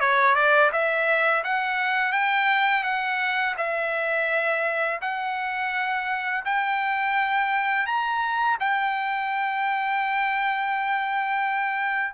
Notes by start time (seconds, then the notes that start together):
0.00 C#5
0.35 D5
0.72 E5
1.44 F#5
2.12 G5
2.83 F#5
3.57 E5
5.01 F#5
6.44 G5
7.86 A#5
8.59 G5